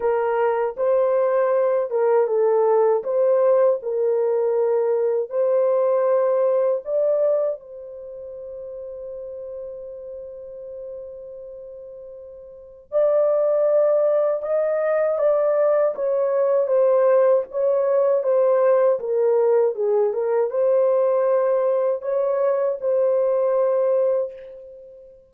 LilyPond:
\new Staff \with { instrumentName = "horn" } { \time 4/4 \tempo 4 = 79 ais'4 c''4. ais'8 a'4 | c''4 ais'2 c''4~ | c''4 d''4 c''2~ | c''1~ |
c''4 d''2 dis''4 | d''4 cis''4 c''4 cis''4 | c''4 ais'4 gis'8 ais'8 c''4~ | c''4 cis''4 c''2 | }